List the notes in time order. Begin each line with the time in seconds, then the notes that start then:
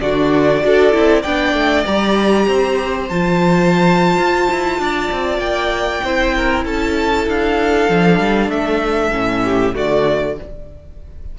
0.00 D3 D4 F#4 D5
0.61 D4 F#4 A4
0.92 C4 E4
1.22 B3 D4 D5 G5
1.53 A3
1.85 G3 G4 A#5
2.47 C4 C5
3.09 F3 F4 A5
4.17 F4
4.51 E4
4.79 D4 D5
5.12 C4
5.38 A#3 G5
6.03 C4 E4 C5
6.36 A#4
6.64 C#4 A4 A5
7.27 D4 F5
7.89 F3 D4
8.19 G3
8.48 A3 E5
9.12 A2 C#4
9.44 G4
9.74 D3 A3 F#4 D5